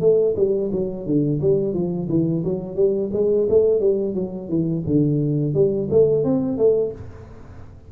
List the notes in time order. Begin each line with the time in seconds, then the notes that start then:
0.00 A3
0.36 G3
0.72 F#3
1.06 D3
1.41 G3
1.74 F3
2.09 E3
2.45 F#3
2.76 G3
3.13 G#3
3.49 A3
3.80 G3
4.14 F#3
4.49 E3
4.86 D3
5.54 G3
5.91 A3
6.24 C4
6.58 A3